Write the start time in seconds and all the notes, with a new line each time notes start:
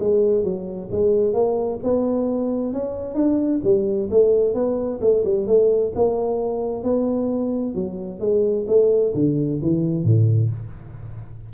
0.00 G#3
0.44 F#3
0.91 G#3
1.34 A#3
1.83 B3
2.73 C#4
3.15 D4
3.64 G3
4.11 A3
4.54 B3
5.01 A3
5.25 G3
5.47 A3
5.95 A#3
6.84 B3
7.75 F#3
8.20 G#3
8.68 A3
9.14 D3
9.62 E3
10.04 A2